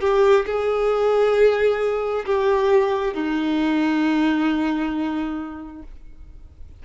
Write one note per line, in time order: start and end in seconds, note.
0.00 0.45 G4
0.46 2.25 G#4
2.25 3.13 G4
3.13 5.82 D#4